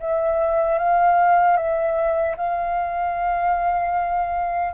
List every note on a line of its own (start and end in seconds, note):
0.00 0.79 E5
0.79 1.57 F5
1.57 2.36 E5
2.37 4.73 F5